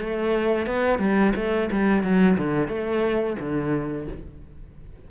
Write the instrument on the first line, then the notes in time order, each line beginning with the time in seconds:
cello
0.00 A3
0.66 B3
0.99 G3
1.35 A3
1.71 G3
2.03 F#3
2.38 D3
2.68 A3
3.39 D3